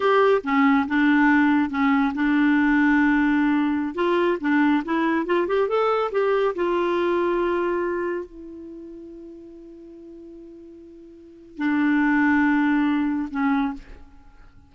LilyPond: \new Staff \with { instrumentName = "clarinet" } { \time 4/4 \tempo 4 = 140 g'4 cis'4 d'2 | cis'4 d'2.~ | d'4~ d'16 f'4 d'4 e'8.~ | e'16 f'8 g'8 a'4 g'4 f'8.~ |
f'2.~ f'16 e'8.~ | e'1~ | e'2. d'4~ | d'2. cis'4 | }